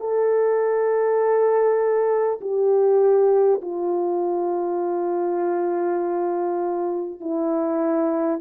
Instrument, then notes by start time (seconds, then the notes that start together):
horn
0.00 A4
2.41 G4
3.61 F4
7.20 E4